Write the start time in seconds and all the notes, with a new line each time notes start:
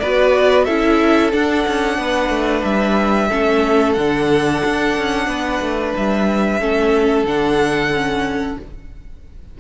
0.00 B3 F#4 B4 D5
0.65 C#4 E4 A4 E5
1.32 D4 F#5
1.68 C#4
1.98 B3 B4
2.30 A3
2.64 G3 E5
3.28 A3 C#4 A4
3.93 D3 D4 F#5
4.65 D4
4.98 C#4
5.27 B3 B4
5.61 A3
5.97 G3 E5
6.60 A3 C#4 A4
7.24 D3 D4 F#5
7.94 C#4